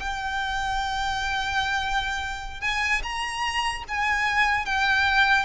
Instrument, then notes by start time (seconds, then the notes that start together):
violin
0.00 G5
2.62 G#5
3.03 A#5
3.89 G#5
4.66 G5